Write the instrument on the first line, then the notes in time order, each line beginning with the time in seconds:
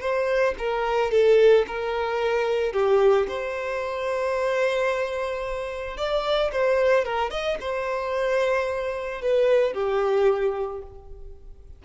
violin
0.00 C5
0.58 A#4
1.11 A4
1.67 A#4
2.72 G4
3.28 C5
5.97 D5
6.52 C5
7.04 A#4
7.30 D#5
7.60 C5
9.21 B4
9.73 G4